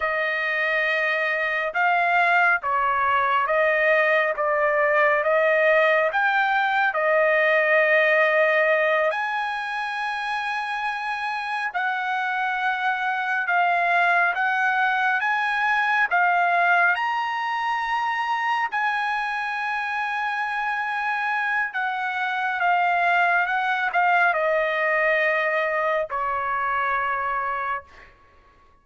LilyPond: \new Staff \with { instrumentName = "trumpet" } { \time 4/4 \tempo 4 = 69 dis''2 f''4 cis''4 | dis''4 d''4 dis''4 g''4 | dis''2~ dis''8 gis''4.~ | gis''4. fis''2 f''8~ |
f''8 fis''4 gis''4 f''4 ais''8~ | ais''4. gis''2~ gis''8~ | gis''4 fis''4 f''4 fis''8 f''8 | dis''2 cis''2 | }